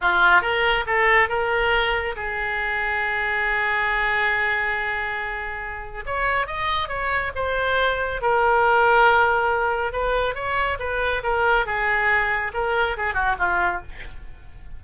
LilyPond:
\new Staff \with { instrumentName = "oboe" } { \time 4/4 \tempo 4 = 139 f'4 ais'4 a'4 ais'4~ | ais'4 gis'2.~ | gis'1~ | gis'2 cis''4 dis''4 |
cis''4 c''2 ais'4~ | ais'2. b'4 | cis''4 b'4 ais'4 gis'4~ | gis'4 ais'4 gis'8 fis'8 f'4 | }